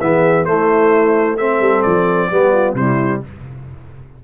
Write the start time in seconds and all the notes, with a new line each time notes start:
0.00 E3 B3 G#4 E5
0.44 A3 E4 C5
1.37 C4 A4 E5
1.60 G3
1.82 F3 D5
2.30 G3 B3 G4
2.53 F4
2.73 C3 G3 E4 C5